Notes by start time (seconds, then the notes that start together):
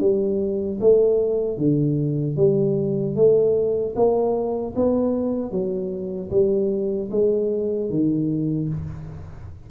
0.00 G3
0.80 A3
1.58 D3
2.36 G3
3.15 A3
3.95 A#3
4.75 B3
5.51 F#3
6.30 G3
7.11 G#3
7.89 D#3